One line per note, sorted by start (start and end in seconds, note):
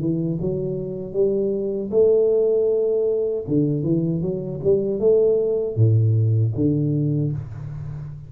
0.00 0.38 E3
0.41 1.13 F#3
1.13 1.90 G3
1.91 3.45 A3
3.48 3.84 D3
3.84 4.22 E3
4.22 4.60 F#3
4.64 5.00 G3
5.00 5.76 A3
5.76 6.53 A2
6.55 7.32 D3